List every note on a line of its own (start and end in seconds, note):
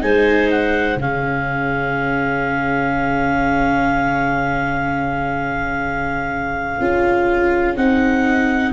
0.00 0.95 G#3
0.00 0.97 D#4
0.00 1.00 C5
0.00 0.50 G#5
0.50 0.98 F#5
0.95 6.76 C#3
0.95 6.80 C#4
0.95 8.73 G#4
0.95 7.76 F5
6.79 7.76 C#4
6.79 7.76 F4
7.76 8.72 C4
7.76 8.73 D#4
7.76 8.72 F#5